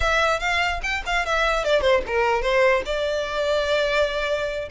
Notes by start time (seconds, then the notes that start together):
0.00 E5
0.39 F5
0.82 G5
1.05 F5
1.25 E5
1.64 D5
1.81 C5
2.06 A#4
2.42 C5
2.85 D5